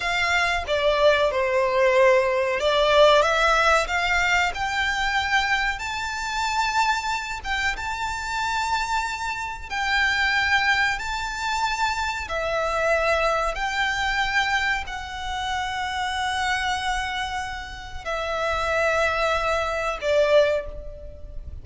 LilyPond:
\new Staff \with { instrumentName = "violin" } { \time 4/4 \tempo 4 = 93 f''4 d''4 c''2 | d''4 e''4 f''4 g''4~ | g''4 a''2~ a''8 g''8 | a''2. g''4~ |
g''4 a''2 e''4~ | e''4 g''2 fis''4~ | fis''1 | e''2. d''4 | }